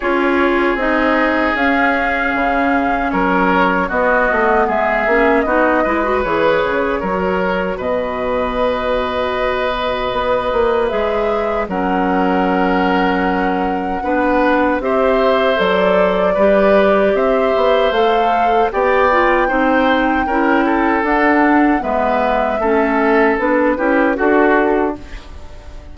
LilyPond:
<<
  \new Staff \with { instrumentName = "flute" } { \time 4/4 \tempo 4 = 77 cis''4 dis''4 f''2 | cis''4 dis''4 e''4 dis''4 | cis''2 dis''2~ | dis''2 e''4 fis''4~ |
fis''2. e''4 | d''2 e''4 f''4 | g''2. fis''4 | e''2 b'4 a'4 | }
  \new Staff \with { instrumentName = "oboe" } { \time 4/4 gis'1 | ais'4 fis'4 gis'4 fis'8 b'8~ | b'4 ais'4 b'2~ | b'2. ais'4~ |
ais'2 b'4 c''4~ | c''4 b'4 c''2 | d''4 c''4 ais'8 a'4. | b'4 a'4. g'8 fis'4 | }
  \new Staff \with { instrumentName = "clarinet" } { \time 4/4 f'4 dis'4 cis'2~ | cis'4 b4. cis'8 dis'8 e'16 fis'16 | gis'4 fis'2.~ | fis'2 gis'4 cis'4~ |
cis'2 d'4 g'4 | a'4 g'2 a'4 | g'8 f'8 dis'4 e'4 d'4 | b4 cis'4 d'8 e'8 fis'4 | }
  \new Staff \with { instrumentName = "bassoon" } { \time 4/4 cis'4 c'4 cis'4 cis4 | fis4 b8 a8 gis8 ais8 b8 gis8 | e8 cis8 fis4 b,2~ | b,4 b8 ais8 gis4 fis4~ |
fis2 b4 c'4 | fis4 g4 c'8 b8 a4 | b4 c'4 cis'4 d'4 | gis4 a4 b8 cis'8 d'4 | }
>>